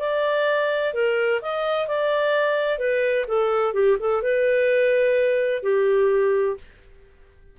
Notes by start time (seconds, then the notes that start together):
0.00 D5
0.94 A#4
1.42 D#5
1.88 D5
2.79 B4
3.28 A4
3.74 G4
4.00 A4
4.23 B4
5.63 G4